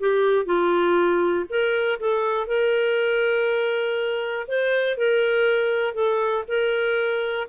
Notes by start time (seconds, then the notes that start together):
0.00 G4
0.46 F4
1.50 A#4
2.00 A4
2.48 A#4
4.48 C5
4.98 A#4
5.95 A4
6.48 A#4